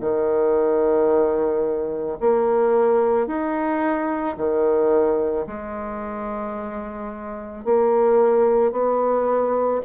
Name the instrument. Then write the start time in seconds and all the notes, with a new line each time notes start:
bassoon
0.00 D#3
2.20 A#3
3.27 D#4
4.37 D#3
5.46 G#3
7.65 A#3
8.72 B3